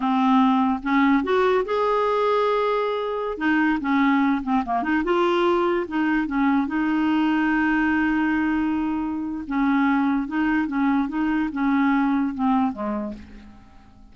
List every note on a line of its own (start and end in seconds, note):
0.00 0.80 C4
0.82 1.23 C#4
1.23 1.64 F#4
1.65 3.37 G#4
3.37 3.78 D#4
3.80 4.42 C#4
4.43 4.63 C4
4.65 4.82 A#3
4.82 5.03 D#4
5.04 5.86 F4
5.87 6.27 D#4
6.27 6.67 C#4
6.67 9.44 D#4
9.47 10.27 C#4
10.27 10.67 D#4
10.67 11.08 C#4
11.08 11.49 D#4
11.52 12.34 C#4
12.34 12.72 C4
12.72 13.13 G#3